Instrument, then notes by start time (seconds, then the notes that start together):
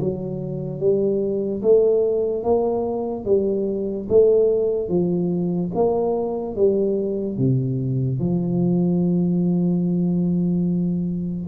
tuba
0.00 F#3
0.80 G3
1.62 A3
2.44 A#3
3.25 G3
4.09 A3
4.89 F3
5.75 A#3
6.56 G3
7.37 C3
8.20 F3